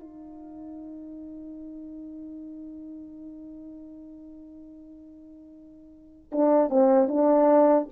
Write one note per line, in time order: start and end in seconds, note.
0.00 6.32 D#4
6.32 6.70 D4
6.70 7.08 C4
7.08 7.87 D4